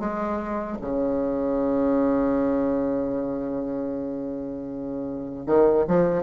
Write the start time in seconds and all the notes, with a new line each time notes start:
0.00 G#3
0.82 C#3
5.47 D#3
5.88 F3